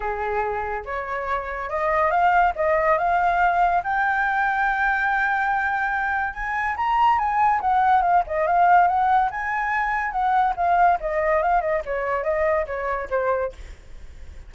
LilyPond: \new Staff \with { instrumentName = "flute" } { \time 4/4 \tempo 4 = 142 gis'2 cis''2 | dis''4 f''4 dis''4 f''4~ | f''4 g''2.~ | g''2. gis''4 |
ais''4 gis''4 fis''4 f''8 dis''8 | f''4 fis''4 gis''2 | fis''4 f''4 dis''4 f''8 dis''8 | cis''4 dis''4 cis''4 c''4 | }